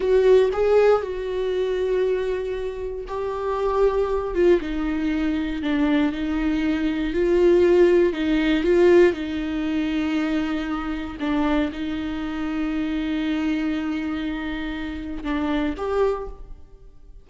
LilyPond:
\new Staff \with { instrumentName = "viola" } { \time 4/4 \tempo 4 = 118 fis'4 gis'4 fis'2~ | fis'2 g'2~ | g'8 f'8 dis'2 d'4 | dis'2 f'2 |
dis'4 f'4 dis'2~ | dis'2 d'4 dis'4~ | dis'1~ | dis'2 d'4 g'4 | }